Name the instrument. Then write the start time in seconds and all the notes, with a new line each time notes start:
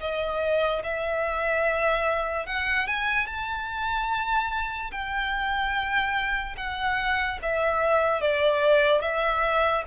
violin
0.00 D#5
0.83 E5
2.46 F#5
2.87 G#5
3.27 A5
4.91 G5
6.57 F#5
7.42 E5
8.21 D5
9.01 E5